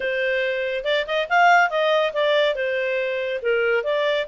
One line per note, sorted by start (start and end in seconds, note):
0.00 0.84 C5
0.84 1.05 D5
1.06 1.28 D#5
1.29 1.70 F5
1.70 2.12 D#5
2.13 2.55 D5
2.55 3.40 C5
3.42 3.83 A#4
3.83 4.26 D5